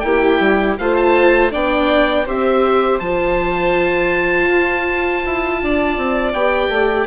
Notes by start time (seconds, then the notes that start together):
0.00 A#3 E4 G4 G5
0.39 G3
0.78 A3 F4 C5 F5
0.96 A5
1.51 B3 D4 D5 G5
2.25 C4 G4 C5 E5
2.99 F3 F4 A5
4.47 F4
5.26 E4
5.62 D4 D5
5.97 C4
6.33 B3 G4 G5
6.68 A3